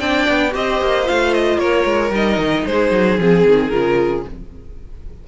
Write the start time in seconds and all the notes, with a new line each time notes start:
0.00 C4 D4 D5 G5
0.29 B3
0.51 C4 G4 C5 D#5
0.82 A#3
1.04 F4 F5
1.11 A3
1.34 D#5
1.58 A#3 A#4 C#5
1.85 G#3
2.12 G3 D#4 D#5
2.38 D#3
2.66 G#3 G#4 C5
2.92 F#3
3.19 F3 C4 G#4
3.46 D#3
3.69 C#3 F4 A#4